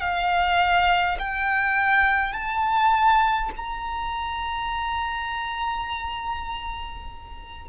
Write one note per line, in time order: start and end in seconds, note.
0.00 1.18 F5
1.19 2.33 G5
2.33 3.50 A5
3.56 7.68 A#5